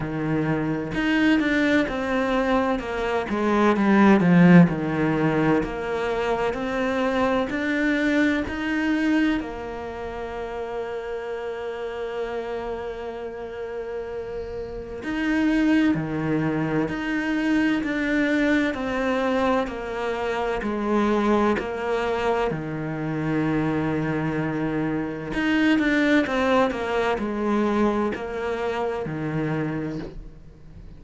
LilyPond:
\new Staff \with { instrumentName = "cello" } { \time 4/4 \tempo 4 = 64 dis4 dis'8 d'8 c'4 ais8 gis8 | g8 f8 dis4 ais4 c'4 | d'4 dis'4 ais2~ | ais1 |
dis'4 dis4 dis'4 d'4 | c'4 ais4 gis4 ais4 | dis2. dis'8 d'8 | c'8 ais8 gis4 ais4 dis4 | }